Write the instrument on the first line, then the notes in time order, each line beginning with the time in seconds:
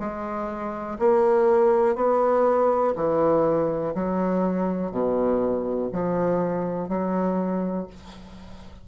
bassoon
0.00 G#3
0.99 A#3
1.96 B3
2.96 E3
3.95 F#3
4.92 B2
5.92 F3
6.89 F#3